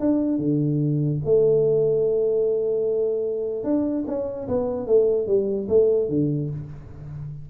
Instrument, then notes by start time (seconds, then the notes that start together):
tuba
0.00 D4
0.39 D3
1.25 A3
3.64 D4
4.07 C#4
4.48 B3
4.87 A3
5.27 G3
5.69 A3
6.10 D3